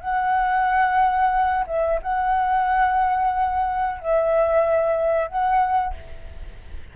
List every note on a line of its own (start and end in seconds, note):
0.00 1.65 F#5
1.67 2.00 E5
2.02 4.00 F#5
4.00 5.28 E5
5.28 5.94 F#5